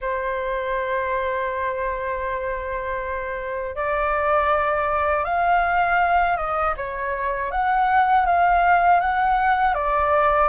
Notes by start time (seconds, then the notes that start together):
0.01 C5
3.75 D5
5.24 F5
6.36 D#5
6.76 C#5
7.51 F#5
8.26 F5
9.00 F#5
9.74 D5